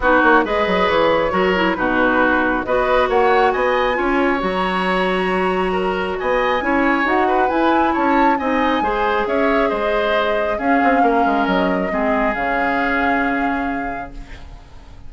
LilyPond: <<
  \new Staff \with { instrumentName = "flute" } { \time 4/4 \tempo 4 = 136 b'8 cis''8 dis''4 cis''2 | b'2 dis''4 fis''4 | gis''2 ais''2~ | ais''2 gis''2 |
fis''4 gis''4 a''4 gis''4~ | gis''4 e''4 dis''2 | f''2 dis''2 | f''1 | }
  \new Staff \with { instrumentName = "oboe" } { \time 4/4 fis'4 b'2 ais'4 | fis'2 b'4 cis''4 | dis''4 cis''2.~ | cis''4 ais'4 dis''4 cis''4~ |
cis''8 b'4. cis''4 dis''4 | c''4 cis''4 c''2 | gis'4 ais'2 gis'4~ | gis'1 | }
  \new Staff \with { instrumentName = "clarinet" } { \time 4/4 dis'4 gis'2 fis'8 e'8 | dis'2 fis'2~ | fis'4 f'4 fis'2~ | fis'2. e'4 |
fis'4 e'2 dis'4 | gis'1 | cis'2. c'4 | cis'1 | }
  \new Staff \with { instrumentName = "bassoon" } { \time 4/4 b8 ais8 gis8 fis8 e4 fis4 | b,2 b4 ais4 | b4 cis'4 fis2~ | fis2 b4 cis'4 |
dis'4 e'4 cis'4 c'4 | gis4 cis'4 gis2 | cis'8 c'8 ais8 gis8 fis4 gis4 | cis1 | }
>>